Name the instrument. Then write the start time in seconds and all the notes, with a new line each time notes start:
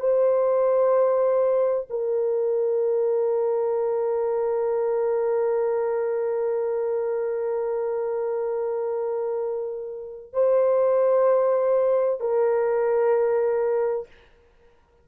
horn
0.00 C5
1.90 A#4
10.33 C5
12.20 A#4